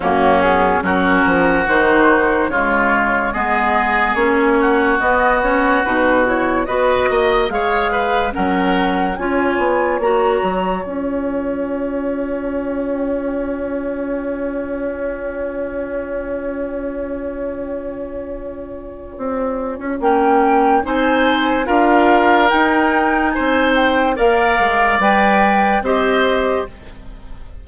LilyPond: <<
  \new Staff \with { instrumentName = "flute" } { \time 4/4 \tempo 4 = 72 fis'8 gis'8 ais'4 c''4 cis''4 | dis''4 cis''4 dis''8 cis''8 b'8 cis''8 | dis''4 f''4 fis''4 gis''4 | ais''4 gis''2.~ |
gis''1~ | gis''1 | g''4 gis''4 f''4 g''4 | gis''8 g''8 f''4 g''4 dis''4 | }
  \new Staff \with { instrumentName = "oboe" } { \time 4/4 cis'4 fis'2 f'4 | gis'4. fis'2~ fis'8 | b'8 dis''8 cis''8 b'8 ais'4 cis''4~ | cis''1~ |
cis''1~ | cis''1~ | cis''4 c''4 ais'2 | c''4 d''2 c''4 | }
  \new Staff \with { instrumentName = "clarinet" } { \time 4/4 ais8 b8 cis'4 dis'4 gis4 | b4 cis'4 b8 cis'8 dis'8 e'8 | fis'4 gis'4 cis'4 f'4 | fis'4 f'2.~ |
f'1~ | f'1 | cis'4 dis'4 f'4 dis'4~ | dis'4 ais'4 b'4 g'4 | }
  \new Staff \with { instrumentName = "bassoon" } { \time 4/4 fis,4 fis8 f8 dis4 cis4 | gis4 ais4 b4 b,4 | b8 ais8 gis4 fis4 cis'8 b8 | ais8 fis8 cis'2.~ |
cis'1~ | cis'2. c'8. cis'16 | ais4 c'4 d'4 dis'4 | c'4 ais8 gis8 g4 c'4 | }
>>